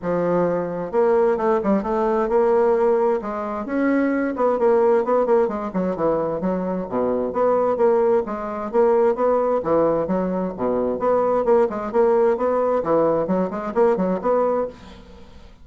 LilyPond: \new Staff \with { instrumentName = "bassoon" } { \time 4/4 \tempo 4 = 131 f2 ais4 a8 g8 | a4 ais2 gis4 | cis'4. b8 ais4 b8 ais8 | gis8 fis8 e4 fis4 b,4 |
b4 ais4 gis4 ais4 | b4 e4 fis4 b,4 | b4 ais8 gis8 ais4 b4 | e4 fis8 gis8 ais8 fis8 b4 | }